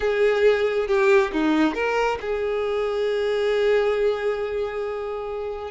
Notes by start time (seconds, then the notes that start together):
0.00 G#4
0.87 G4
1.32 D#4
1.74 A#4
2.20 G#4